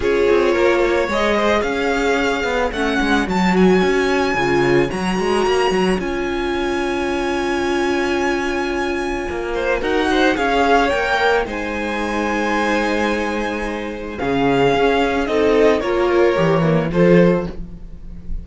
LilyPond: <<
  \new Staff \with { instrumentName = "violin" } { \time 4/4 \tempo 4 = 110 cis''2 dis''4 f''4~ | f''4 fis''4 a''8 gis''4.~ | gis''4 ais''2 gis''4~ | gis''1~ |
gis''2 fis''4 f''4 | g''4 gis''2.~ | gis''2 f''2 | dis''4 cis''2 c''4 | }
  \new Staff \with { instrumentName = "violin" } { \time 4/4 gis'4 ais'8 cis''4 c''8 cis''4~ | cis''1~ | cis''1~ | cis''1~ |
cis''4. c''8 ais'8 c''8 cis''4~ | cis''4 c''2.~ | c''2 gis'2 | a'4 ais'2 a'4 | }
  \new Staff \with { instrumentName = "viola" } { \time 4/4 f'2 gis'2~ | gis'4 cis'4 fis'2 | f'4 fis'2 f'4~ | f'1~ |
f'2 fis'4 gis'4 | ais'4 dis'2.~ | dis'2 cis'2 | dis'4 f'4 g'8 ais8 f'4 | }
  \new Staff \with { instrumentName = "cello" } { \time 4/4 cis'8 c'8 ais4 gis4 cis'4~ | cis'8 b8 a8 gis8 fis4 cis'4 | cis4 fis8 gis8 ais8 fis8 cis'4~ | cis'1~ |
cis'4 ais4 dis'4 cis'4 | ais4 gis2.~ | gis2 cis4 cis'4 | c'4 ais4 e4 f4 | }
>>